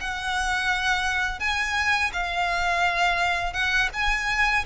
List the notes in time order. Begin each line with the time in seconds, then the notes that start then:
0.00 F#5
1.39 G#5
2.12 F5
3.53 F#5
3.93 G#5